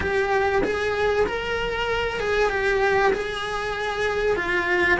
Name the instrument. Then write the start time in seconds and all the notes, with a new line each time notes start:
cello
0.00 G4
0.63 G#4
1.26 A#4
2.19 G#4
2.49 G4
3.12 G#4
4.36 F4